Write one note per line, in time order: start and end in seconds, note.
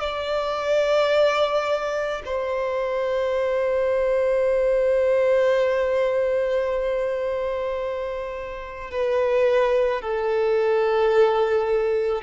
0.00 2.22 D5
2.25 8.90 C5
8.90 10.02 B4
10.02 12.22 A4